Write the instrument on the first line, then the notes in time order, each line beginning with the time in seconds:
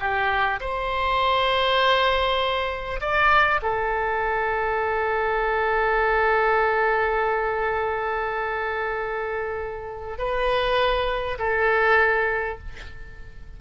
oboe
0.00 G4
0.61 C5
3.01 D5
3.63 A4
10.19 B4
11.39 A4